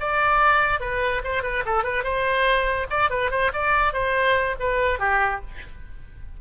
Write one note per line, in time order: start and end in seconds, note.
0.00 0.80 D5
0.80 1.22 B4
1.24 1.43 C5
1.43 1.64 B4
1.66 1.84 A4
1.84 2.04 B4
2.04 2.87 C5
2.90 3.10 D5
3.10 3.31 B4
3.31 3.52 C5
3.53 3.94 D5
3.94 4.56 C5
4.60 4.99 B4
4.99 5.41 G4